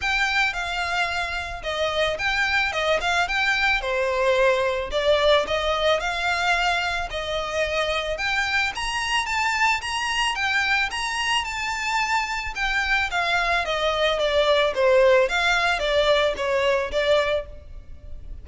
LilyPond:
\new Staff \with { instrumentName = "violin" } { \time 4/4 \tempo 4 = 110 g''4 f''2 dis''4 | g''4 dis''8 f''8 g''4 c''4~ | c''4 d''4 dis''4 f''4~ | f''4 dis''2 g''4 |
ais''4 a''4 ais''4 g''4 | ais''4 a''2 g''4 | f''4 dis''4 d''4 c''4 | f''4 d''4 cis''4 d''4 | }